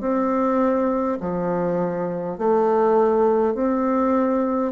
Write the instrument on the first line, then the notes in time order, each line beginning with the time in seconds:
bassoon
0.00 C4
1.20 F3
2.38 A3
3.55 C4